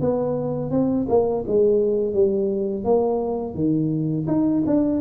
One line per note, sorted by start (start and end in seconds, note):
0.00 0.70 B3
0.70 1.06 C4
1.08 1.44 A#3
1.47 2.13 G#3
2.13 2.84 G3
2.84 3.54 A#3
3.54 4.26 D#3
4.27 4.63 D#4
4.66 5.01 D4